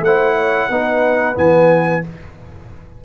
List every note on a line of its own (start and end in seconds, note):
0.00 0.67 A3
0.00 0.71 E4
0.00 0.36 C5
0.00 1.37 F#5
0.36 0.69 C#5
0.69 1.36 B3
0.69 1.35 D#4
0.69 2.04 B4
1.35 2.03 E3
1.35 2.02 B3
1.35 2.04 G#5